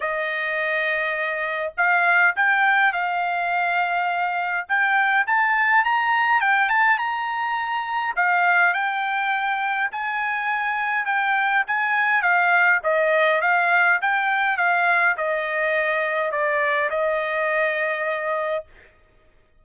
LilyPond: \new Staff \with { instrumentName = "trumpet" } { \time 4/4 \tempo 4 = 103 dis''2. f''4 | g''4 f''2. | g''4 a''4 ais''4 g''8 a''8 | ais''2 f''4 g''4~ |
g''4 gis''2 g''4 | gis''4 f''4 dis''4 f''4 | g''4 f''4 dis''2 | d''4 dis''2. | }